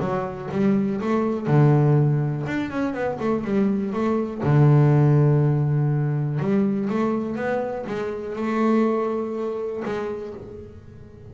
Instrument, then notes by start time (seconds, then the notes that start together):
double bass
0.00 F#3
0.51 G3
1.01 A3
1.46 D3
2.46 D4
2.70 C#4
2.93 B3
3.19 A3
3.44 G3
3.92 A3
4.43 D3
6.39 G3
6.89 A3
7.35 B3
7.86 G#3
8.35 A3
9.85 G#3